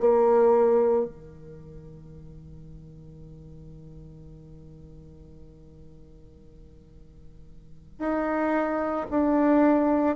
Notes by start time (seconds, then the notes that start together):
0.00 A#3
1.06 D#3
7.99 D#4
9.10 D4